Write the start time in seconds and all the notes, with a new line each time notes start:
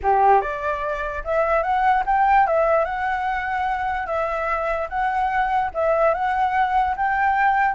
0.02 G4
0.41 D5
1.24 E5
1.62 F#5
2.06 G5
2.46 E5
2.84 F#5
4.06 E5
4.89 F#5
5.74 E5
6.14 F#5
6.96 G5